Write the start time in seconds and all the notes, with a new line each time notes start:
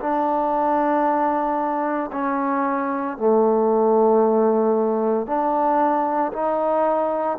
0.00 D4
2.12 C#4
3.17 A3
5.26 D4
6.32 D#4